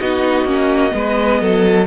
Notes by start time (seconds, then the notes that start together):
0.00 B3 D#4 F#4 D#5
0.44 A#3 C#4
0.89 G#3 B3
0.96 B4
1.41 F#3 A4